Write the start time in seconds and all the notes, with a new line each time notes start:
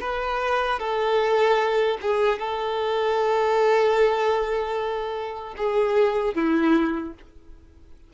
0.00 B4
0.79 A4
2.01 G#4
2.39 A4
5.57 G#4
6.34 E4